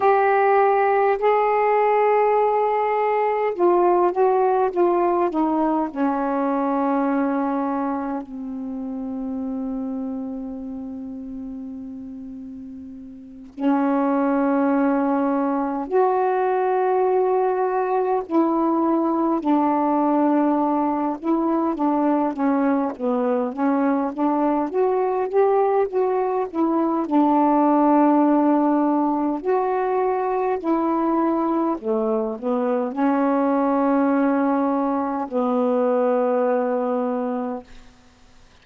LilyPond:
\new Staff \with { instrumentName = "saxophone" } { \time 4/4 \tempo 4 = 51 g'4 gis'2 f'8 fis'8 | f'8 dis'8 cis'2 c'4~ | c'2.~ c'8 cis'8~ | cis'4. fis'2 e'8~ |
e'8 d'4. e'8 d'8 cis'8 b8 | cis'8 d'8 fis'8 g'8 fis'8 e'8 d'4~ | d'4 fis'4 e'4 a8 b8 | cis'2 b2 | }